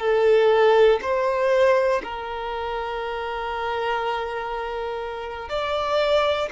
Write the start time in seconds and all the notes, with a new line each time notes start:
0.00 A4
1.01 C5
2.04 A#4
5.49 D5